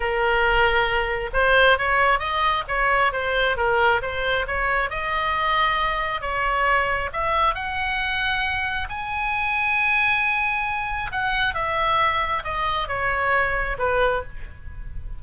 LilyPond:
\new Staff \with { instrumentName = "oboe" } { \time 4/4 \tempo 4 = 135 ais'2. c''4 | cis''4 dis''4 cis''4 c''4 | ais'4 c''4 cis''4 dis''4~ | dis''2 cis''2 |
e''4 fis''2. | gis''1~ | gis''4 fis''4 e''2 | dis''4 cis''2 b'4 | }